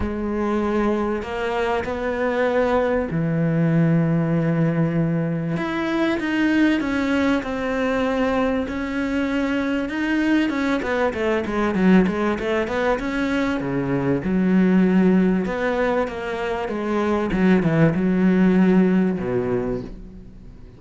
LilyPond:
\new Staff \with { instrumentName = "cello" } { \time 4/4 \tempo 4 = 97 gis2 ais4 b4~ | b4 e2.~ | e4 e'4 dis'4 cis'4 | c'2 cis'2 |
dis'4 cis'8 b8 a8 gis8 fis8 gis8 | a8 b8 cis'4 cis4 fis4~ | fis4 b4 ais4 gis4 | fis8 e8 fis2 b,4 | }